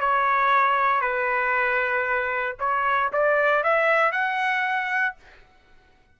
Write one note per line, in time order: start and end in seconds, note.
0.00 1.01 C#5
1.01 2.56 B4
2.59 3.11 C#5
3.12 3.63 D5
3.63 4.12 E5
4.12 5.15 F#5